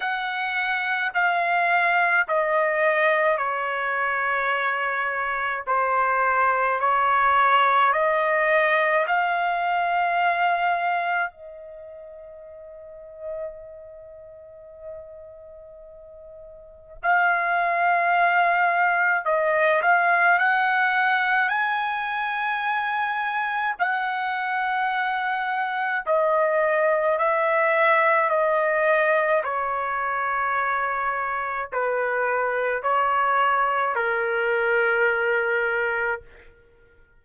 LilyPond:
\new Staff \with { instrumentName = "trumpet" } { \time 4/4 \tempo 4 = 53 fis''4 f''4 dis''4 cis''4~ | cis''4 c''4 cis''4 dis''4 | f''2 dis''2~ | dis''2. f''4~ |
f''4 dis''8 f''8 fis''4 gis''4~ | gis''4 fis''2 dis''4 | e''4 dis''4 cis''2 | b'4 cis''4 ais'2 | }